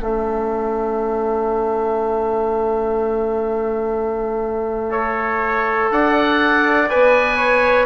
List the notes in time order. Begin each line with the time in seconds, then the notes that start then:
0.00 A3 C#4 A4 E5
4.90 A4 C#5
5.91 D4 D5 F#5
6.89 B3 B4 G#5
7.36 C#5